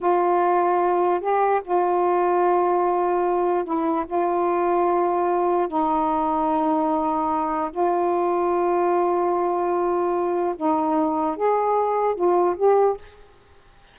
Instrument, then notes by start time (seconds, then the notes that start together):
saxophone
0.00 F4
1.20 G4
1.64 F4
3.64 E4
4.06 F4
5.68 D#4
7.71 F4
10.56 D#4
11.36 G#4
12.15 F4
12.56 G4